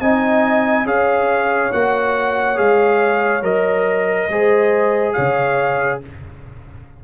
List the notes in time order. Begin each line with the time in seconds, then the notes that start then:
0.00 C4 D#4 D#5 G#5
0.84 C#4 G#4 C#5 F5
1.72 A#3 F#4 F#5
2.55 G#3 G#4 F5
3.42 F#3 A#4 D#5
4.28 G#3 G#4 C5
5.13 C#3 C#5 F5